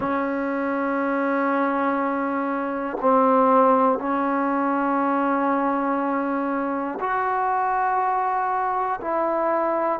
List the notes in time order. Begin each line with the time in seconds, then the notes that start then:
0.00 C#4
3.00 C4
3.99 C#4
7.00 F#4
9.01 E4